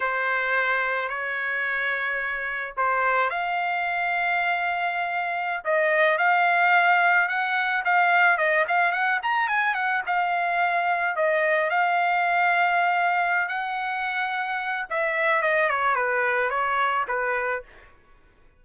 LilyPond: \new Staff \with { instrumentName = "trumpet" } { \time 4/4 \tempo 4 = 109 c''2 cis''2~ | cis''4 c''4 f''2~ | f''2~ f''16 dis''4 f''8.~ | f''4~ f''16 fis''4 f''4 dis''8 f''16~ |
f''16 fis''8 ais''8 gis''8 fis''8 f''4.~ f''16~ | f''16 dis''4 f''2~ f''8.~ | f''8 fis''2~ fis''8 e''4 | dis''8 cis''8 b'4 cis''4 b'4 | }